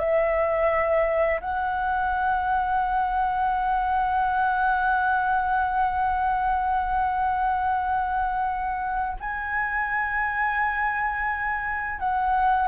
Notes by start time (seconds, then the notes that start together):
0.00 E5
1.41 F#5
9.21 G#5
12.00 F#5